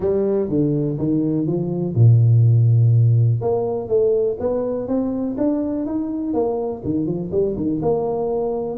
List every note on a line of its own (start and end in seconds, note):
0.00 0.49 G3
0.49 0.97 D3
0.98 1.46 D#3
1.46 1.94 F3
1.94 3.41 A#2
3.41 3.88 A#3
3.88 4.37 A3
4.39 4.87 B3
4.87 5.36 C4
5.37 5.85 D4
5.85 6.33 D#4
6.33 6.82 A#3
6.84 7.06 D#3
7.06 7.31 F3
7.31 7.55 G3
7.56 7.81 D#3
7.82 8.78 A#3